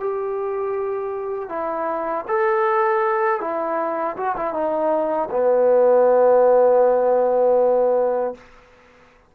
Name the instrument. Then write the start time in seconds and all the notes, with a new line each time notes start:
trombone
0.00 G4
1.49 E4
2.28 A4
3.40 E4
4.16 F#4
4.37 E4
4.53 D#4
5.31 B3